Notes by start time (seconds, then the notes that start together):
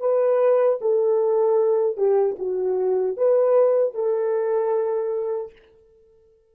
0.00 B4
0.81 A4
1.97 G4
2.39 F#4
3.17 B4
3.94 A4